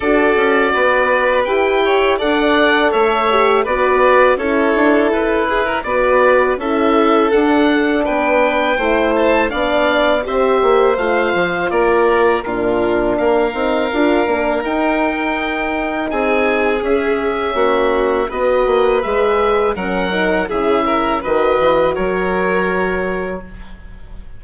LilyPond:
<<
  \new Staff \with { instrumentName = "oboe" } { \time 4/4 \tempo 4 = 82 d''2 g''4 fis''4 | e''4 d''4 cis''4 b'4 | d''4 e''4 fis''4 g''4~ | g''8 a''8 f''4 e''4 f''4 |
d''4 ais'4 f''2 | g''2 gis''4 e''4~ | e''4 dis''4 e''4 fis''4 | e''4 dis''4 cis''2 | }
  \new Staff \with { instrumentName = "violin" } { \time 4/4 a'4 b'4. cis''8 d''4 | cis''4 b'4 a'4. gis'16 ais'16 | b'4 a'2 b'4 | c''4 d''4 c''2 |
ais'4 f'4 ais'2~ | ais'2 gis'2 | fis'4 b'2 ais'4 | gis'8 ais'8 b'4 ais'2 | }
  \new Staff \with { instrumentName = "horn" } { \time 4/4 fis'2 g'4 a'4~ | a'8 g'8 fis'4 e'2 | fis'4 e'4 d'2 | e'4 d'4 g'4 f'4~ |
f'4 d'4. dis'8 f'8 d'8 | dis'2. cis'4~ | cis'4 fis'4 gis'4 cis'8 dis'8 | e'4 fis'2. | }
  \new Staff \with { instrumentName = "bassoon" } { \time 4/4 d'8 cis'8 b4 e'4 d'4 | a4 b4 cis'8 d'8 e'4 | b4 cis'4 d'4 b4 | a4 b4 c'8 ais8 a8 f8 |
ais4 ais,4 ais8 c'8 d'8 ais8 | dis'2 c'4 cis'4 | ais4 b8 ais8 gis4 fis4 | cis4 dis8 e8 fis2 | }
>>